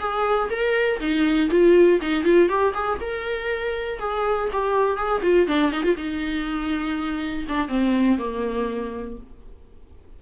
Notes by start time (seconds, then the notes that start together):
0.00 G#4
0.50 A#4
1.01 D#4
1.51 F4
2.02 D#4
2.24 F4
2.49 G4
2.75 G#4
3.01 A#4
4.00 G#4
4.53 G4
4.97 G#4
5.23 F4
5.48 D4
5.72 D#4
5.84 F4
5.97 D#4
7.49 D4
7.69 C4
8.18 A#3